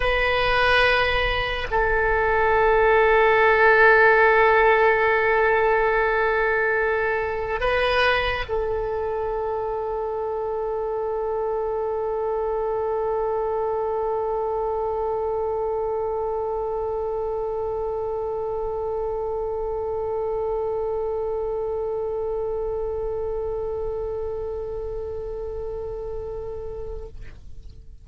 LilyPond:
\new Staff \with { instrumentName = "oboe" } { \time 4/4 \tempo 4 = 71 b'2 a'2~ | a'1~ | a'4 b'4 a'2~ | a'1~ |
a'1~ | a'1~ | a'1~ | a'1 | }